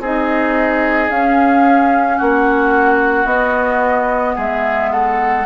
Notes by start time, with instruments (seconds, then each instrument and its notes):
0.00 bassoon C4, clarinet D#4, oboe G#4, flute D#5
1.10 clarinet C#4, bassoon C#4, flute F5
2.17 bassoon A#3, oboe F#4, flute F#5
3.25 bassoon B3, clarinet B3, flute D#5
4.35 bassoon G#3, oboe G#4, flute E5
4.92 oboe A4, flute F#5